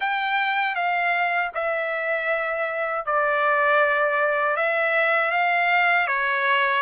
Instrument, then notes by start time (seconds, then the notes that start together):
trumpet
0.00 G5
0.75 F5
1.54 E5
3.06 D5
4.56 E5
5.31 F5
6.07 C#5